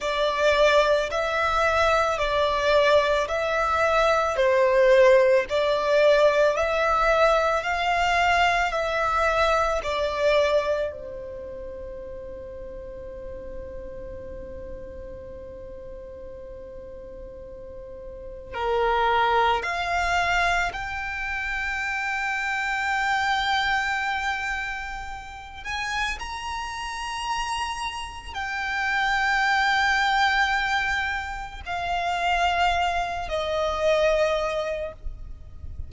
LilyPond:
\new Staff \with { instrumentName = "violin" } { \time 4/4 \tempo 4 = 55 d''4 e''4 d''4 e''4 | c''4 d''4 e''4 f''4 | e''4 d''4 c''2~ | c''1~ |
c''4 ais'4 f''4 g''4~ | g''2.~ g''8 gis''8 | ais''2 g''2~ | g''4 f''4. dis''4. | }